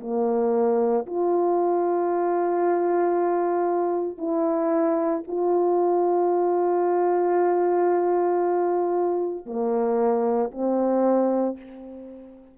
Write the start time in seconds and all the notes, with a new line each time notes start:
0.00 A#3
1.06 F4
4.17 E4
5.27 F4
9.45 A#3
10.51 C4